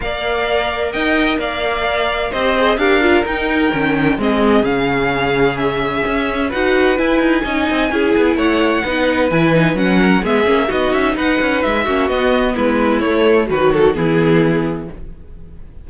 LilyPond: <<
  \new Staff \with { instrumentName = "violin" } { \time 4/4 \tempo 4 = 129 f''2 g''4 f''4~ | f''4 dis''4 f''4 g''4~ | g''4 dis''4 f''2 | e''2 fis''4 gis''4~ |
gis''2 fis''2 | gis''4 fis''4 e''4 dis''8 e''8 | fis''4 e''4 dis''4 b'4 | cis''4 b'8 a'8 gis'2 | }
  \new Staff \with { instrumentName = "violin" } { \time 4/4 d''2 dis''4 d''4~ | d''4 c''4 ais'2~ | ais'4 gis'2.~ | gis'2 b'2 |
dis''4 gis'4 cis''4 b'4~ | b'4. ais'8 gis'4 fis'4 | b'4. fis'4. e'4~ | e'4 fis'4 e'2 | }
  \new Staff \with { instrumentName = "viola" } { \time 4/4 ais'1~ | ais'4 g'8 gis'8 g'8 f'8 dis'4 | cis'4 c'4 cis'2~ | cis'2 fis'4 e'4 |
dis'4 e'2 dis'4 | e'8 dis'8 cis'4 b8 cis'8 dis'4~ | dis'4. cis'8 b2 | a4 fis4 b2 | }
  \new Staff \with { instrumentName = "cello" } { \time 4/4 ais2 dis'4 ais4~ | ais4 c'4 d'4 dis'4 | dis4 gis4 cis2~ | cis4 cis'4 dis'4 e'8 dis'8 |
cis'8 c'8 cis'8 b8 a4 b4 | e4 fis4 gis8 ais8 b8 cis'8 | dis'8 cis'8 gis8 ais8 b4 gis4 | a4 dis4 e2 | }
>>